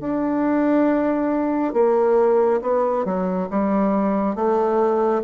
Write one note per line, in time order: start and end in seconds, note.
0.00 1.74 D4
1.74 2.60 A#3
2.61 3.05 B3
3.05 3.48 F#3
3.50 4.35 G3
4.35 5.22 A3